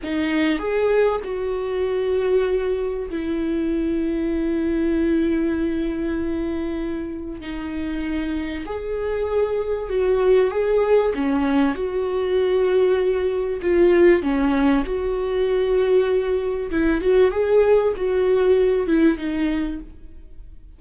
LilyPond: \new Staff \with { instrumentName = "viola" } { \time 4/4 \tempo 4 = 97 dis'4 gis'4 fis'2~ | fis'4 e'2.~ | e'1 | dis'2 gis'2 |
fis'4 gis'4 cis'4 fis'4~ | fis'2 f'4 cis'4 | fis'2. e'8 fis'8 | gis'4 fis'4. e'8 dis'4 | }